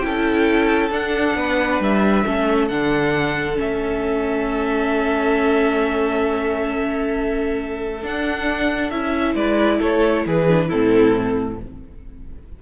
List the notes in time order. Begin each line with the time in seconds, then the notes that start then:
0.00 C#4 E4 A4 G5
0.91 D4 F#5
1.35 B3 B4
1.80 G3 E5
2.26 A3 C#4 A4
2.68 D3 D4 F#5
3.56 A3 C#4 E5
8.03 D4 F#5
8.91 C#4 E4 E5
9.35 G#3 B4 D5
9.79 A3 A4 C#5
10.26 E3 G#4 B4
10.48 D4
10.67 A2 C4 E4 A4